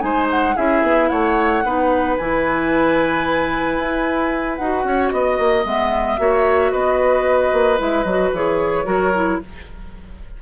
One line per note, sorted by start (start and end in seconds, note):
0.00 0.56 G#3
0.00 0.54 D#4
0.00 0.56 C5
0.00 0.27 G#5
0.31 0.57 F#5
0.56 0.83 C#4
0.56 1.64 E4
0.56 1.10 G#4
0.56 1.09 E5
0.83 1.10 B3
1.09 1.65 A3
1.09 1.64 C#5
1.09 2.16 F#5
1.65 2.18 B3
1.65 2.19 D#4
1.65 4.87 B4
2.18 3.79 E3
2.18 4.61 E4
2.18 4.57 G#5
3.79 4.59 E4
4.57 4.84 D#4
4.57 5.65 F#4
4.57 5.10 F#5
4.84 5.11 C#4
4.84 5.14 C#5
5.10 5.39 B3
5.10 5.64 D#5
5.10 6.21 D#5
5.39 5.65 A#3
5.65 6.19 G#3
5.65 6.18 B3
5.65 6.72 E5
6.18 6.73 A#3
6.18 7.78 F#4
6.18 6.72 C#5
6.72 7.53 B3
6.72 8.86 B4
6.72 7.79 D#5
7.53 7.80 A#3
7.78 8.05 G#3
7.78 8.05 E4
7.78 8.04 E5
8.04 8.32 F#3
8.04 8.35 F#4
8.04 8.31 D#5
8.33 8.86 E3
8.33 8.85 G#4
8.33 9.42 C#5
8.85 9.40 F#3
8.85 9.12 F#4
8.85 9.40 A#4
9.15 9.42 E4